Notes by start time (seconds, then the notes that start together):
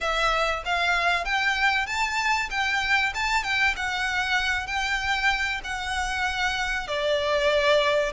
0.00 E5
0.65 F5
1.24 G5
1.86 A5
2.50 G5
3.14 A5
3.43 G5
3.76 F#5
4.66 G5
5.64 F#5
6.87 D5